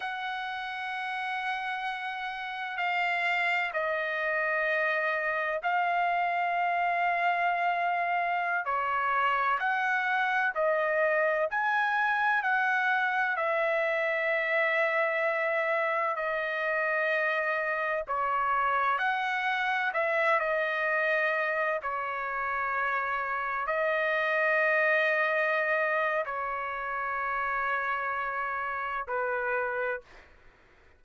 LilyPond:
\new Staff \with { instrumentName = "trumpet" } { \time 4/4 \tempo 4 = 64 fis''2. f''4 | dis''2 f''2~ | f''4~ f''16 cis''4 fis''4 dis''8.~ | dis''16 gis''4 fis''4 e''4.~ e''16~ |
e''4~ e''16 dis''2 cis''8.~ | cis''16 fis''4 e''8 dis''4. cis''8.~ | cis''4~ cis''16 dis''2~ dis''8. | cis''2. b'4 | }